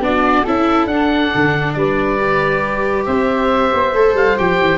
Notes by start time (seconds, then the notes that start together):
0.00 B3 D4 F#4 D5
0.44 C#4 E4 A4 E5
0.87 D4 F#5
1.35 D3
1.74 G3 B4 D5
2.19 G4
3.06 C4 C5 E5
3.74 B3
3.93 A3 A4
4.14 G3 F5
4.38 F3 G4 G5
4.60 E3